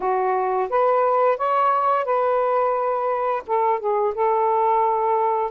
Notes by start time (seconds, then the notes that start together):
0.00 F#4
0.69 B4
1.37 C#5
2.04 B4
3.46 A4
3.79 G#4
4.14 A4